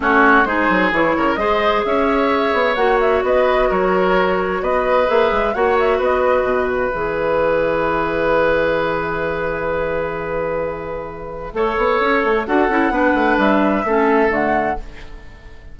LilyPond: <<
  \new Staff \with { instrumentName = "flute" } { \time 4/4 \tempo 4 = 130 cis''4 c''4 cis''4 dis''4 | e''2 fis''8 e''8 dis''4 | cis''2 dis''4 e''4 | fis''8 e''8 dis''4. e''4.~ |
e''1~ | e''1~ | e''2. fis''4~ | fis''4 e''2 fis''4 | }
  \new Staff \with { instrumentName = "oboe" } { \time 4/4 fis'4 gis'4. ais'8 c''4 | cis''2. b'4 | ais'2 b'2 | cis''4 b'2.~ |
b'1~ | b'1~ | b'4 cis''2 a'4 | b'2 a'2 | }
  \new Staff \with { instrumentName = "clarinet" } { \time 4/4 cis'4 dis'4 e'4 gis'4~ | gis'2 fis'2~ | fis'2. gis'4 | fis'2. gis'4~ |
gis'1~ | gis'1~ | gis'4 a'2 fis'8 e'8 | d'2 cis'4 a4 | }
  \new Staff \with { instrumentName = "bassoon" } { \time 4/4 a4 gis8 fis8 e8 cis8 gis4 | cis'4. b8 ais4 b4 | fis2 b4 ais8 gis8 | ais4 b4 b,4 e4~ |
e1~ | e1~ | e4 a8 b8 cis'8 a8 d'8 cis'8 | b8 a8 g4 a4 d4 | }
>>